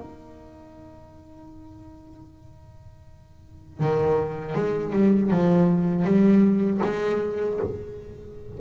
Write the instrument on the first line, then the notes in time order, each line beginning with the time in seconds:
double bass
0.00 D#4
3.79 D#3
4.55 G#3
4.93 G3
5.31 F3
6.05 G3
6.84 G#3